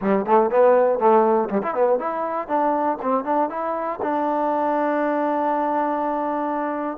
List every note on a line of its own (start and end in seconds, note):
0.01 0.25 G3
0.25 0.50 A3
0.50 0.99 B3
0.99 1.49 A3
1.49 1.62 G3
1.62 1.74 E4
1.74 1.99 B3
1.99 2.48 E4
2.48 2.98 D4
3.02 3.24 C4
3.24 3.49 D4
3.49 3.99 E4
4.02 6.97 D4